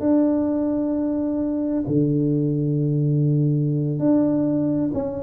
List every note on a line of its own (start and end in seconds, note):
0.00 1.84 D4
1.87 4.00 D3
4.00 4.91 D4
4.94 5.23 C#4